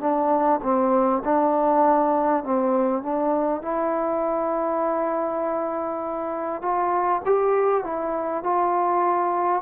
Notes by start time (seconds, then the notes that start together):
0.00 D4
0.63 C4
1.24 D4
2.43 C4
3.03 D4
3.62 E4
6.62 F4
7.25 G4
7.83 E4
8.43 F4